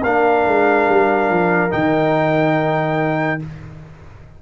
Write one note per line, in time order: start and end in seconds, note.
0.00 0.45 A#3
0.00 1.70 D4
0.00 3.38 A#4
0.00 1.71 F5
0.46 0.88 G#3
0.89 1.29 G3
1.29 1.72 F3
1.70 3.42 D#3
1.70 3.39 D#4
1.70 3.40 G5